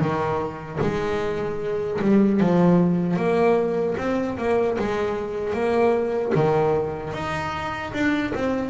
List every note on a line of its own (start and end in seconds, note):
0.00 0.79 D#3
0.81 2.00 G#3
2.02 2.40 G3
2.40 3.17 F3
3.17 3.95 A#3
3.98 4.37 C4
4.38 4.77 A#3
4.79 5.53 G#3
5.53 6.32 A#3
6.35 7.13 D#3
7.13 7.92 D#4
7.93 8.33 D4
8.34 8.69 C4